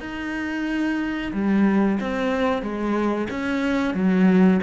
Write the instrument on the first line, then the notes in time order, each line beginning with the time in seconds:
cello
0.00 D#4
1.33 G3
2.00 C4
2.62 G#3
3.30 C#4
3.94 F#3